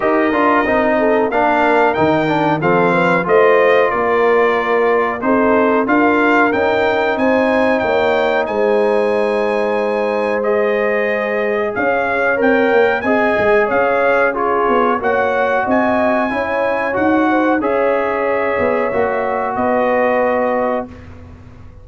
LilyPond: <<
  \new Staff \with { instrumentName = "trumpet" } { \time 4/4 \tempo 4 = 92 dis''2 f''4 g''4 | f''4 dis''4 d''2 | c''4 f''4 g''4 gis''4 | g''4 gis''2. |
dis''2 f''4 g''4 | gis''4 f''4 cis''4 fis''4 | gis''2 fis''4 e''4~ | e''2 dis''2 | }
  \new Staff \with { instrumentName = "horn" } { \time 4/4 ais'4. a'8 ais'2 | a'8 b'8 c''4 ais'2 | a'4 ais'2 c''4 | cis''4 c''2.~ |
c''2 cis''2 | dis''4 cis''4 gis'4 cis''4 | dis''4 cis''4. c''8 cis''4~ | cis''2 b'2 | }
  \new Staff \with { instrumentName = "trombone" } { \time 4/4 g'8 f'8 dis'4 d'4 dis'8 d'8 | c'4 f'2. | dis'4 f'4 dis'2~ | dis'1 |
gis'2. ais'4 | gis'2 f'4 fis'4~ | fis'4 e'4 fis'4 gis'4~ | gis'4 fis'2. | }
  \new Staff \with { instrumentName = "tuba" } { \time 4/4 dis'8 d'8 c'4 ais4 dis4 | f4 a4 ais2 | c'4 d'4 cis'4 c'4 | ais4 gis2.~ |
gis2 cis'4 c'8 ais8 | c'8 gis8 cis'4. b8 ais4 | c'4 cis'4 dis'4 cis'4~ | cis'8 b8 ais4 b2 | }
>>